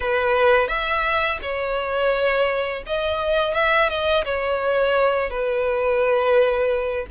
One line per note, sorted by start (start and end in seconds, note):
0.00 0.68 B4
0.68 1.38 E5
1.41 2.83 C#5
2.86 3.54 D#5
3.54 3.89 E5
3.89 4.24 D#5
4.24 5.30 C#5
5.30 7.06 B4